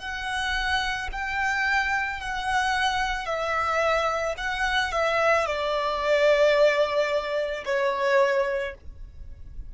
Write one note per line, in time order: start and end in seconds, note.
0.00 1.09 F#5
1.13 2.21 G5
2.21 3.26 F#5
3.26 4.35 E5
4.38 4.92 F#5
4.92 5.46 E5
5.46 7.65 D5
7.66 8.75 C#5